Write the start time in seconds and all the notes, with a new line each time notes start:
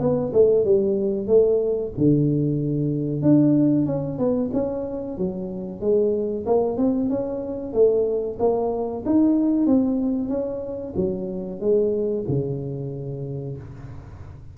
0.00 B3
0.33 A3
0.65 G3
1.28 A3
1.98 D3
3.22 D4
3.86 C#4
4.18 B3
4.53 C#4
5.18 F#3
5.81 G#3
6.46 A#3
6.78 C4
7.10 C#4
7.73 A3
8.40 A#3
9.06 D#4
9.67 C4
10.29 C#4
10.96 F#3
11.60 G#3
12.28 C#3